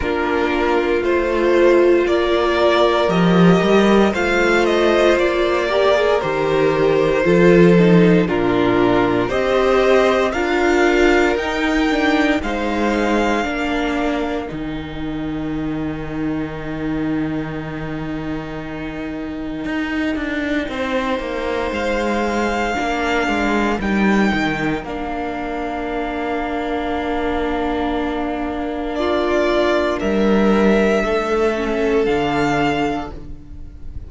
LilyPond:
<<
  \new Staff \with { instrumentName = "violin" } { \time 4/4 \tempo 4 = 58 ais'4 c''4 d''4 dis''4 | f''8 dis''8 d''4 c''2 | ais'4 dis''4 f''4 g''4 | f''2 g''2~ |
g''1~ | g''4 f''2 g''4 | f''1 | d''4 e''2 f''4 | }
  \new Staff \with { instrumentName = "violin" } { \time 4/4 f'2 ais'2 | c''4. ais'4. a'4 | f'4 c''4 ais'2 | c''4 ais'2.~ |
ais'1 | c''2 ais'2~ | ais'1 | f'4 ais'4 a'2 | }
  \new Staff \with { instrumentName = "viola" } { \time 4/4 d'4 f'2 g'4 | f'4. g'16 gis'16 g'4 f'8 dis'8 | d'4 g'4 f'4 dis'8 d'8 | dis'4 d'4 dis'2~ |
dis'1~ | dis'2 d'4 dis'4 | d'1~ | d'2~ d'8 cis'8 d'4 | }
  \new Staff \with { instrumentName = "cello" } { \time 4/4 ais4 a4 ais4 f8 g8 | a4 ais4 dis4 f4 | ais,4 c'4 d'4 dis'4 | gis4 ais4 dis2~ |
dis2. dis'8 d'8 | c'8 ais8 gis4 ais8 gis8 g8 dis8 | ais1~ | ais4 g4 a4 d4 | }
>>